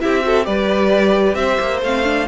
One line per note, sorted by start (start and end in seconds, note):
0.00 0.47 C4
0.00 0.21 E4
0.00 0.25 G4
0.00 0.45 E5
0.21 0.43 F#4
0.21 0.46 A4
0.44 1.35 G3
0.44 1.80 G4
0.44 1.37 B4
0.44 1.35 D5
1.35 1.57 C4
1.35 2.28 C5
1.35 1.80 E5
1.60 1.82 A#3
1.82 2.27 A3
1.82 2.04 C4
1.82 2.28 F5
2.04 2.27 D4